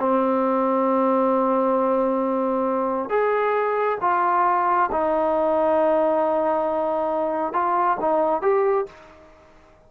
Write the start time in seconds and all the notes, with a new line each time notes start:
0.00 C4
3.10 G#4
4.01 F4
4.92 D#4
7.54 F4
8.01 D#4
8.42 G4